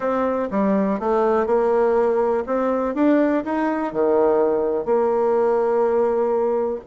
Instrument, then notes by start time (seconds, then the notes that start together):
bassoon
0.00 C4
0.51 G3
0.99 A3
1.46 A#3
2.46 C4
2.94 D4
3.44 D#4
3.92 D#3
4.85 A#3